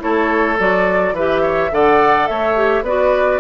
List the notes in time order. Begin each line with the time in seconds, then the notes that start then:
0.00 A3 E4 A4 C#5
0.59 F#3 F#4 D5
1.13 E3 G4 B4 E5
1.42 C#5
1.71 D3 A4 D5 F#5
2.27 A3 C#5 E5
2.56 G4
2.83 B3 F#4 B4 D5